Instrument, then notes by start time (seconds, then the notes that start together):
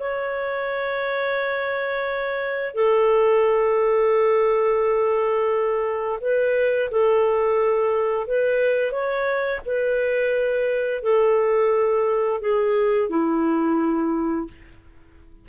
clarinet
0.00 C#5
2.75 A4
6.21 B4
6.91 A4
8.28 B4
8.92 C#5
9.66 B4
11.03 A4
12.41 G#4
13.09 E4